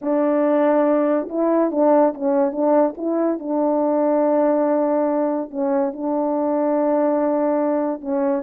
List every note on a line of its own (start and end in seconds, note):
0.01 1.28 D4
1.29 1.71 E4
1.71 2.13 D4
2.14 2.52 C#4
2.52 2.94 D4
2.97 3.39 E4
3.39 5.50 D4
5.50 5.92 C#4
5.92 8.01 D4
8.01 8.42 C#4